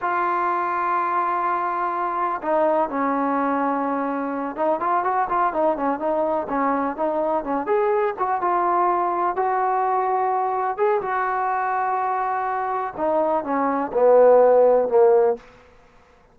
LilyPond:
\new Staff \with { instrumentName = "trombone" } { \time 4/4 \tempo 4 = 125 f'1~ | f'4 dis'4 cis'2~ | cis'4. dis'8 f'8 fis'8 f'8 dis'8 | cis'8 dis'4 cis'4 dis'4 cis'8 |
gis'4 fis'8 f'2 fis'8~ | fis'2~ fis'8 gis'8 fis'4~ | fis'2. dis'4 | cis'4 b2 ais4 | }